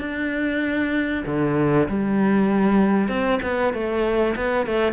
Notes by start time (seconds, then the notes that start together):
0.00 D4
1.26 D3
1.88 G3
3.08 C4
3.42 B3
3.73 A3
4.36 B3
4.66 A3